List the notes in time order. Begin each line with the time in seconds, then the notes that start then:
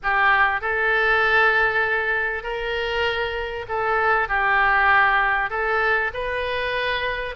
0.03 G4
0.61 A4
2.43 A#4
3.68 A4
4.28 G4
5.50 A4
6.13 B4